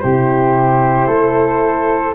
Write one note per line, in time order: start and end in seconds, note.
0.00 1.08 C3
0.00 2.15 E4
0.00 1.08 G4
0.00 2.14 C5
1.08 2.15 A3
1.08 2.15 A4